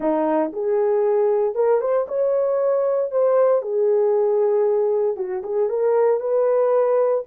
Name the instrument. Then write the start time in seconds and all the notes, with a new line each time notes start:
horn
0.00 D#4
0.52 G#4
1.54 A#4
1.80 C5
2.08 C#5
3.11 C5
3.62 G#4
5.16 F#4
5.43 G#4
5.69 A#4
6.20 B4